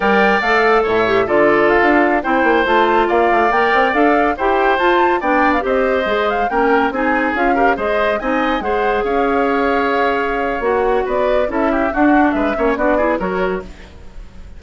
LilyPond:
<<
  \new Staff \with { instrumentName = "flute" } { \time 4/4 \tempo 4 = 141 g''4 f''4 e''4 d''4 | f''4~ f''16 g''4 a''4 f''8.~ | f''16 g''4 f''4 g''4 a''8.~ | a''16 g''8. f''16 dis''4. f''8 g''8.~ |
g''16 gis''4 f''4 dis''4 gis''8.~ | gis''16 fis''4 f''2~ f''8.~ | f''4 fis''4 d''4 e''4 | fis''4 e''4 d''4 cis''4 | }
  \new Staff \with { instrumentName = "oboe" } { \time 4/4 d''2 cis''4 a'4~ | a'4~ a'16 c''2 d''8.~ | d''2~ d''16 c''4.~ c''16~ | c''16 d''4 c''2 ais'8.~ |
ais'16 gis'4. ais'8 c''4 dis''8.~ | dis''16 c''4 cis''2~ cis''8.~ | cis''2 b'4 a'8 g'8 | fis'4 b'8 cis''8 fis'8 gis'8 ais'4 | }
  \new Staff \with { instrumentName = "clarinet" } { \time 4/4 ais'4 a'4. g'8 f'4~ | f'4~ f'16 e'4 f'4.~ f'16~ | f'16 ais'4 a'4 g'4 f'8.~ | f'16 d'4 g'4 gis'4 cis'8.~ |
cis'16 dis'4 f'8 g'8 gis'4 dis'8.~ | dis'16 gis'2.~ gis'8.~ | gis'4 fis'2 e'4 | d'4. cis'8 d'8 e'8 fis'4 | }
  \new Staff \with { instrumentName = "bassoon" } { \time 4/4 g4 a4 a,4 d4~ | d16 d'4 c'8 ais8 a4 ais8 a16~ | a16 ais8 c'8 d'4 e'4 f'8.~ | f'16 b4 c'4 gis4 ais8.~ |
ais16 c'4 cis'4 gis4 c'8.~ | c'16 gis4 cis'2~ cis'8.~ | cis'4 ais4 b4 cis'4 | d'4 gis8 ais8 b4 fis4 | }
>>